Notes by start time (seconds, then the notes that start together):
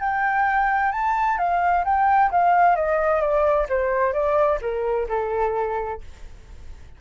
0.00 G5
0.92 A5
1.38 F5
1.85 G5
2.31 F5
2.76 D#5
3.21 D5
3.69 C5
4.13 D5
4.62 A#4
5.09 A4